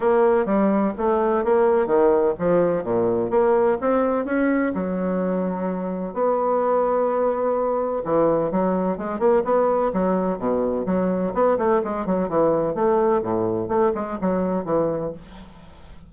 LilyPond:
\new Staff \with { instrumentName = "bassoon" } { \time 4/4 \tempo 4 = 127 ais4 g4 a4 ais4 | dis4 f4 ais,4 ais4 | c'4 cis'4 fis2~ | fis4 b2.~ |
b4 e4 fis4 gis8 ais8 | b4 fis4 b,4 fis4 | b8 a8 gis8 fis8 e4 a4 | a,4 a8 gis8 fis4 e4 | }